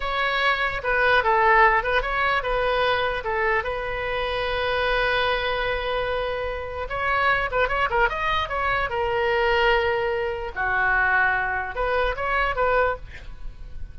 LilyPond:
\new Staff \with { instrumentName = "oboe" } { \time 4/4 \tempo 4 = 148 cis''2 b'4 a'4~ | a'8 b'8 cis''4 b'2 | a'4 b'2.~ | b'1~ |
b'4 cis''4. b'8 cis''8 ais'8 | dis''4 cis''4 ais'2~ | ais'2 fis'2~ | fis'4 b'4 cis''4 b'4 | }